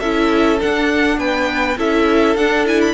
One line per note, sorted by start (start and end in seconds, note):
0.00 0.60 C#4
0.00 0.59 E4
0.00 1.18 A4
0.00 0.59 E5
0.59 1.77 D4
0.59 1.18 D4
0.59 1.19 F#5
1.18 1.77 B3
1.18 1.78 B4
1.18 1.78 G5
1.78 2.36 C#4
1.78 2.37 E4
1.78 2.94 A4
1.78 2.36 E5
2.36 2.94 D4
2.36 2.65 D4
2.36 2.66 F#5
2.65 2.94 E4
2.65 2.81 G#5
2.81 2.94 B5